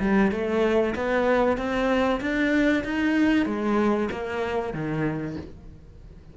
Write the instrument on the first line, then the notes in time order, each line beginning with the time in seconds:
cello
0.00 G3
0.32 A3
0.96 B3
1.57 C4
2.21 D4
2.84 D#4
3.46 G#3
4.12 A#3
4.73 D#3